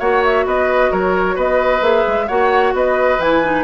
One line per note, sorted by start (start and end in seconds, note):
0.00 0.46 A#3
0.00 1.82 F#4
0.00 0.45 C#5
0.00 0.24 F#5
0.24 0.47 E5
0.46 0.91 B3
0.46 0.91 B4
0.46 0.93 D#5
0.91 1.37 F#3
0.91 1.36 A#4
0.91 1.38 C#5
1.36 1.81 B3
1.36 2.27 B4
1.36 1.84 D#5
1.81 2.04 A#3
1.81 2.27 G#4
1.81 2.29 E5
2.08 2.30 G#3
2.28 2.74 A#3
2.28 3.20 F#4
2.28 2.73 C#5
2.28 2.74 F#5
2.74 3.19 B3
2.74 3.64 B4
2.74 3.21 D#5
3.19 3.64 E3
3.19 3.43 E4
3.19 3.64 G#5
3.44 3.64 D#4